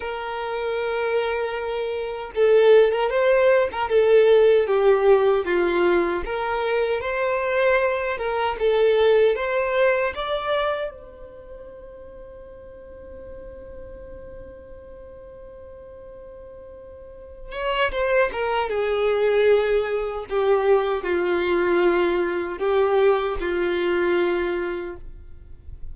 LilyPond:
\new Staff \with { instrumentName = "violin" } { \time 4/4 \tempo 4 = 77 ais'2. a'8. ais'16 | c''8. ais'16 a'4 g'4 f'4 | ais'4 c''4. ais'8 a'4 | c''4 d''4 c''2~ |
c''1~ | c''2~ c''8 cis''8 c''8 ais'8 | gis'2 g'4 f'4~ | f'4 g'4 f'2 | }